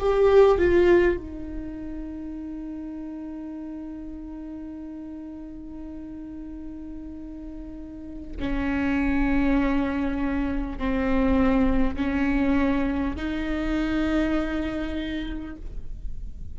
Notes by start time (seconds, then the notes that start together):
0.00 G4
0.58 F4
1.18 D#4
8.40 C#4
10.78 C4
11.97 C#4
13.17 D#4